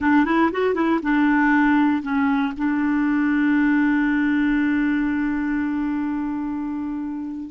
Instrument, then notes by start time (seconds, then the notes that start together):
clarinet
0.00 D4
0.25 E4
0.52 F#4
0.74 E4
1.02 D4
2.02 C#4
2.57 D4